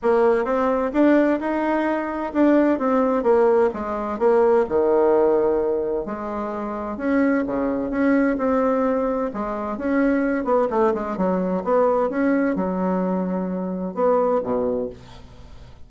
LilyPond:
\new Staff \with { instrumentName = "bassoon" } { \time 4/4 \tempo 4 = 129 ais4 c'4 d'4 dis'4~ | dis'4 d'4 c'4 ais4 | gis4 ais4 dis2~ | dis4 gis2 cis'4 |
cis4 cis'4 c'2 | gis4 cis'4. b8 a8 gis8 | fis4 b4 cis'4 fis4~ | fis2 b4 b,4 | }